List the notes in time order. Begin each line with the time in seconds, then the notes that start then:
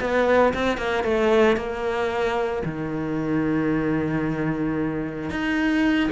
0.00 B3
0.54 C4
0.77 A#3
1.03 A3
1.56 A#3
2.65 D#3
5.30 D#4